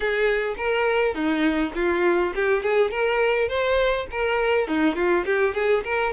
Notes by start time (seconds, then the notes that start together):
0.00 G#4
0.57 A#4
1.14 D#4
1.74 F4
2.35 G4
2.62 G#4
2.90 A#4
3.48 C5
4.11 A#4
4.67 D#4
4.95 F4
5.25 G4
5.54 G#4
5.84 A#4